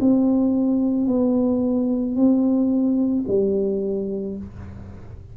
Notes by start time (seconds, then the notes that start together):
0.00 C4
1.07 B3
2.15 C4
3.27 G3